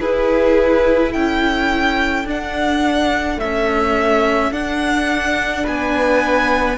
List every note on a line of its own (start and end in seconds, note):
0.00 2.26 E4
0.00 1.16 E4
0.00 1.11 G#4
0.00 1.13 B4
1.11 2.25 C#4
1.11 5.64 A4
1.11 2.26 G5
2.25 3.38 D4
2.25 3.37 D4
2.25 3.40 F#5
3.37 4.51 A3
3.37 4.53 E5
3.44 4.52 C#4
4.52 6.78 D4
4.52 5.66 D4
4.52 5.66 F#5
5.64 6.78 B3
5.64 6.77 B4
5.64 6.78 G#5